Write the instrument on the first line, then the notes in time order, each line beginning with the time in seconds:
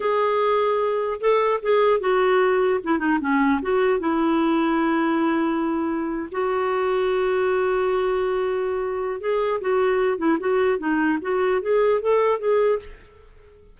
clarinet
0.00 G#4
1.20 A4
1.62 G#4
2.00 F#4
2.83 E4
2.99 D#4
3.20 C#4
3.61 F#4
3.99 E4
6.31 F#4
9.20 G#4
9.61 F#4
10.17 E4
10.39 F#4
10.78 D#4
11.21 F#4
11.61 G#4
12.01 A4
12.39 G#4